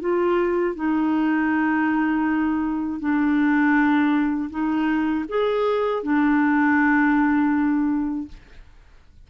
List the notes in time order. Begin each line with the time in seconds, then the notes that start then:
0.00 F4
0.75 D#4
2.99 D4
4.50 D#4
5.28 G#4
6.03 D4